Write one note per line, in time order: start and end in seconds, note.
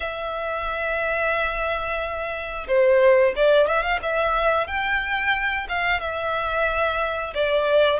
0.00 2.67 E5
2.67 3.34 C5
3.35 3.67 D5
3.67 3.82 E5
3.82 3.99 F5
4.02 4.67 E5
4.67 5.67 G5
5.68 6.00 F5
6.00 7.33 E5
7.34 7.99 D5